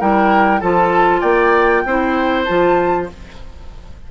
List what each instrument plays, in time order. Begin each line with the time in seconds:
0.00 bassoon G3, clarinet E4, oboe A#4, flute G5
0.61 bassoon F3, clarinet F4, oboe A4, flute A5
1.21 bassoon A#3, oboe D5, flute G5
1.85 bassoon C4, clarinet E4, oboe C5
2.45 bassoon F3, clarinet F4, flute A5